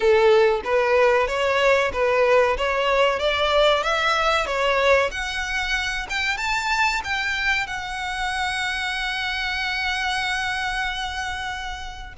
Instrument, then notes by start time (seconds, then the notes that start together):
violin
0.00 A4
0.64 B4
1.27 C#5
1.92 B4
2.57 C#5
3.19 D5
3.83 E5
4.46 C#5
5.11 F#5
6.09 G5
6.37 A5
7.04 G5
7.66 F#5